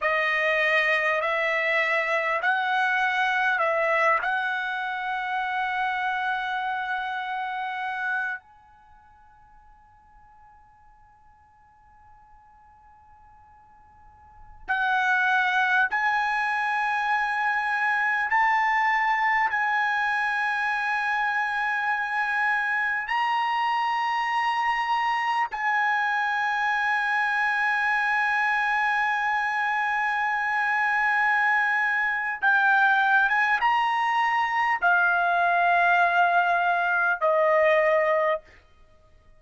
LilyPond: \new Staff \with { instrumentName = "trumpet" } { \time 4/4 \tempo 4 = 50 dis''4 e''4 fis''4 e''8 fis''8~ | fis''2. gis''4~ | gis''1~ | gis''16 fis''4 gis''2 a''8.~ |
a''16 gis''2. ais''8.~ | ais''4~ ais''16 gis''2~ gis''8.~ | gis''2. g''8. gis''16 | ais''4 f''2 dis''4 | }